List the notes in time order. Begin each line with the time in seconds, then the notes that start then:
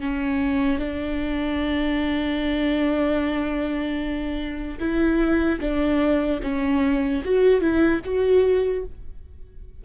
0.00 C#4
0.78 D4
4.79 E4
5.60 D4
6.43 C#4
7.24 F#4
7.60 E4
8.04 F#4